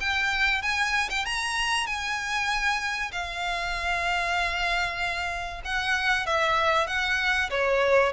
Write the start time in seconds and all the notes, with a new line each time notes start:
0.00 G5
0.62 G#5
1.10 G5
1.25 A#5
1.86 G#5
3.12 F5
5.64 F#5
6.26 E5
6.87 F#5
7.50 C#5